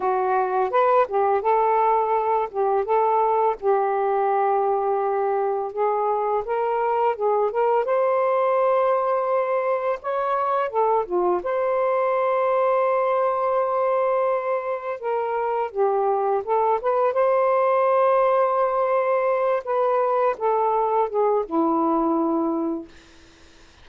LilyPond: \new Staff \with { instrumentName = "saxophone" } { \time 4/4 \tempo 4 = 84 fis'4 b'8 g'8 a'4. g'8 | a'4 g'2. | gis'4 ais'4 gis'8 ais'8 c''4~ | c''2 cis''4 a'8 f'8 |
c''1~ | c''4 ais'4 g'4 a'8 b'8 | c''2.~ c''8 b'8~ | b'8 a'4 gis'8 e'2 | }